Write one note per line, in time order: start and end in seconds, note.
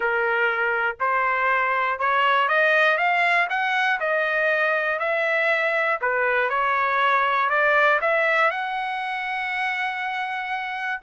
0.00 0.96 A#4
1.00 1.99 C5
1.99 2.48 C#5
2.48 2.97 D#5
2.97 3.47 F5
3.49 3.99 F#5
4.00 4.99 D#5
4.99 5.99 E5
6.01 6.49 B4
6.49 7.49 C#5
7.49 7.99 D5
8.01 8.50 E5
8.50 11.00 F#5